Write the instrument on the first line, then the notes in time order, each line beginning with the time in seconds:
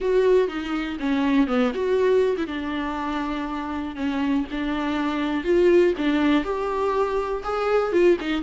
viola
0.00 F#4
0.48 D#4
0.99 C#4
1.47 B3
1.74 F#4
2.37 E4
2.47 D4
3.95 C#4
4.51 D4
5.44 F4
5.97 D4
6.44 G4
7.43 G#4
7.92 F4
8.20 D#4